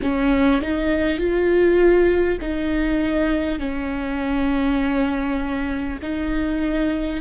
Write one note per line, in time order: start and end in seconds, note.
0.02 0.61 C#4
0.61 1.17 D#4
1.17 2.37 F4
2.40 3.59 D#4
3.59 5.99 C#4
6.02 7.21 D#4